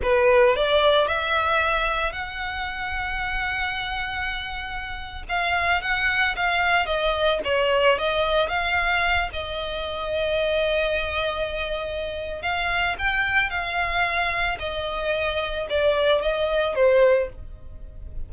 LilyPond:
\new Staff \with { instrumentName = "violin" } { \time 4/4 \tempo 4 = 111 b'4 d''4 e''2 | fis''1~ | fis''4.~ fis''16 f''4 fis''4 f''16~ | f''8. dis''4 cis''4 dis''4 f''16~ |
f''4~ f''16 dis''2~ dis''8.~ | dis''2. f''4 | g''4 f''2 dis''4~ | dis''4 d''4 dis''4 c''4 | }